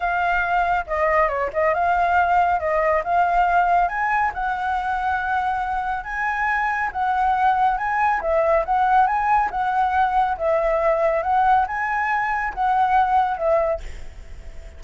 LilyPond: \new Staff \with { instrumentName = "flute" } { \time 4/4 \tempo 4 = 139 f''2 dis''4 cis''8 dis''8 | f''2 dis''4 f''4~ | f''4 gis''4 fis''2~ | fis''2 gis''2 |
fis''2 gis''4 e''4 | fis''4 gis''4 fis''2 | e''2 fis''4 gis''4~ | gis''4 fis''2 e''4 | }